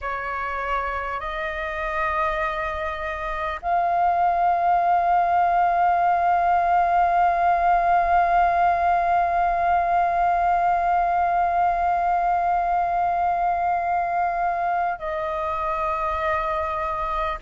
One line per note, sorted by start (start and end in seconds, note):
0.01 1.20 C#5
1.20 3.60 D#5
3.62 14.98 F5
14.98 17.38 D#5